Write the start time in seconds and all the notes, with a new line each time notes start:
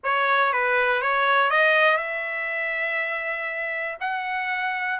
0.03 C#5
0.52 B4
1.01 C#5
1.50 D#5
1.97 E5
4.00 F#5